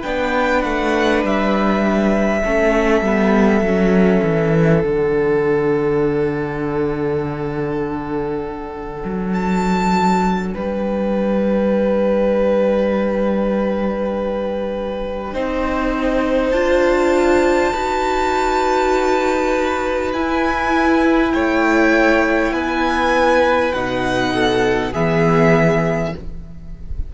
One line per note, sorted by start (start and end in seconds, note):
0.00 0.64 B3
0.00 2.44 D4
0.00 2.40 B4
0.00 0.62 G5
0.62 1.23 A3
0.62 1.22 F#5
1.23 2.43 G3
1.23 4.84 E5
2.44 3.02 A3
2.44 3.05 C#4
2.44 10.54 A4
3.02 3.61 G3
3.02 3.65 B3
3.61 4.21 F#3
3.61 4.84 C#4
4.23 4.83 E3
4.83 9.04 D3
4.83 15.35 D4
4.83 9.34 F#5
9.04 10.54 F#3
9.34 10.53 A5
10.53 15.35 G3
10.53 15.34 B4
10.53 16.52 G5
15.34 16.52 C4
15.34 16.54 D#4
15.34 17.73 C5
16.52 17.73 D4
16.52 17.74 F4
16.52 20.12 A5
17.73 20.14 D#4
17.73 20.15 F#4
17.73 21.34 B4
20.13 21.34 E4
20.13 23.75 E4
20.13 21.33 G#5
21.33 22.52 A3
21.33 22.54 C#5
21.33 22.53 G5
22.52 23.72 B3
22.52 24.34 B4
22.52 23.73 G#5
23.73 24.95 B2
23.73 24.94 D#4
23.73 24.93 F#5
24.35 24.92 A4
24.92 26.14 E3
24.92 26.14 B3
24.92 26.12 G#4
24.92 26.14 E5